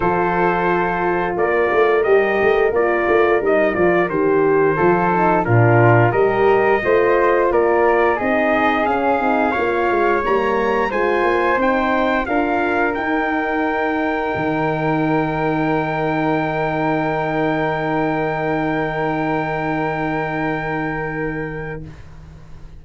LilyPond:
<<
  \new Staff \with { instrumentName = "trumpet" } { \time 4/4 \tempo 4 = 88 c''2 d''4 dis''4 | d''4 dis''8 d''8 c''2 | ais'4 dis''2 d''4 | dis''4 f''2 ais''4 |
gis''4 g''4 f''4 g''4~ | g''1~ | g''1~ | g''1 | }
  \new Staff \with { instrumentName = "flute" } { \time 4/4 a'2 ais'2~ | ais'2. a'4 | f'4 ais'4 c''4 ais'4 | gis'2 cis''2 |
c''2 ais'2~ | ais'1~ | ais'1~ | ais'1 | }
  \new Staff \with { instrumentName = "horn" } { \time 4/4 f'2. g'4 | f'4 dis'8 f'8 g'4 f'8 dis'8 | d'4 g'4 f'2 | dis'4 cis'8 dis'8 f'4 ais4 |
f'4 dis'4 f'4 dis'4~ | dis'1~ | dis'1~ | dis'1 | }
  \new Staff \with { instrumentName = "tuba" } { \time 4/4 f2 ais8 a8 g8 a8 | ais8 a8 g8 f8 dis4 f4 | ais,4 g4 a4 ais4 | c'4 cis'8 c'8 ais8 gis8 g4 |
gis8 ais8 c'4 d'4 dis'4~ | dis'4 dis2.~ | dis1~ | dis1 | }
>>